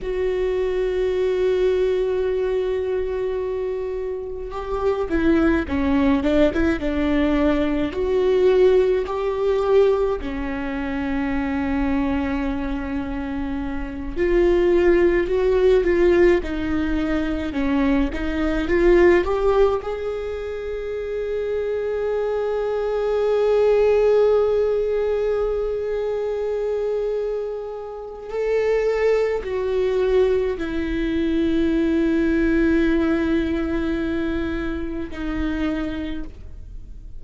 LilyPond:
\new Staff \with { instrumentName = "viola" } { \time 4/4 \tempo 4 = 53 fis'1 | g'8 e'8 cis'8 d'16 e'16 d'4 fis'4 | g'4 cis'2.~ | cis'8 f'4 fis'8 f'8 dis'4 cis'8 |
dis'8 f'8 g'8 gis'2~ gis'8~ | gis'1~ | gis'4 a'4 fis'4 e'4~ | e'2. dis'4 | }